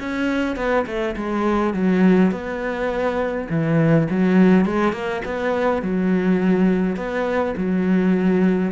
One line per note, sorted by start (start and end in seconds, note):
0.00 0.56 C#4
0.56 0.86 B3
0.87 1.16 A3
1.17 1.74 G#3
1.74 2.31 F#3
2.31 3.48 B3
3.50 4.08 E3
4.10 4.65 F#3
4.65 4.93 G#3
4.93 5.22 A#3
5.25 5.83 B3
5.83 6.97 F#3
6.97 7.55 B3
7.58 8.72 F#3